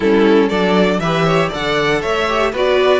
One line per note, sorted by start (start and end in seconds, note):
0.00 0.48 G3
0.00 0.51 C#4
0.00 0.48 E4
0.00 0.49 A4
0.48 0.99 F#3
0.48 1.02 D4
0.48 0.98 A4
0.48 0.99 D5
0.99 1.49 E3
0.99 1.51 G4
0.99 1.25 B4
0.99 1.50 E5
1.25 1.48 C#5
1.48 2.04 D3
1.48 2.27 A4
1.48 1.99 D5
1.48 2.02 F#5
2.01 2.53 A3
2.01 2.51 C#5
2.01 2.52 E5
2.28 2.53 G4
2.52 2.99 B3
2.52 2.99 F#4
2.52 2.99 B4
2.52 2.99 D5